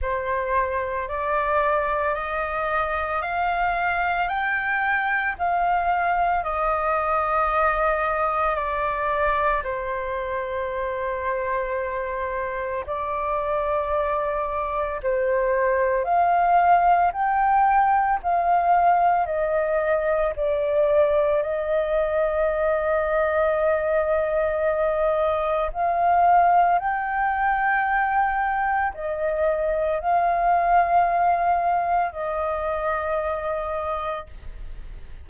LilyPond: \new Staff \with { instrumentName = "flute" } { \time 4/4 \tempo 4 = 56 c''4 d''4 dis''4 f''4 | g''4 f''4 dis''2 | d''4 c''2. | d''2 c''4 f''4 |
g''4 f''4 dis''4 d''4 | dis''1 | f''4 g''2 dis''4 | f''2 dis''2 | }